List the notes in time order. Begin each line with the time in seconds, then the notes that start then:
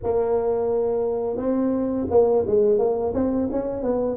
0.03 A#3
1.36 C4
2.10 A#3
2.46 G#3
2.78 A#3
3.14 C4
3.51 C#4
3.82 B3